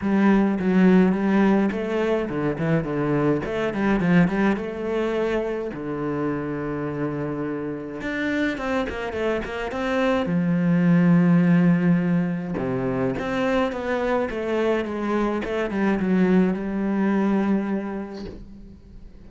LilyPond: \new Staff \with { instrumentName = "cello" } { \time 4/4 \tempo 4 = 105 g4 fis4 g4 a4 | d8 e8 d4 a8 g8 f8 g8 | a2 d2~ | d2 d'4 c'8 ais8 |
a8 ais8 c'4 f2~ | f2 c4 c'4 | b4 a4 gis4 a8 g8 | fis4 g2. | }